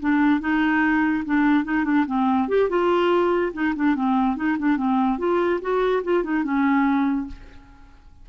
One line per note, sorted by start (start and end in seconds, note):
0.00 0.41 D4
0.41 1.24 D#4
1.25 1.65 D4
1.65 1.85 D#4
1.85 2.05 D4
2.07 2.48 C4
2.49 2.69 G4
2.69 3.53 F4
3.53 3.74 D#4
3.76 3.95 D4
3.95 4.37 C4
4.37 4.57 D#4
4.59 4.77 D4
4.77 5.19 C4
5.19 5.60 F4
5.61 6.03 F#4
6.04 6.24 F4
6.24 6.44 D#4
6.44 7.27 C#4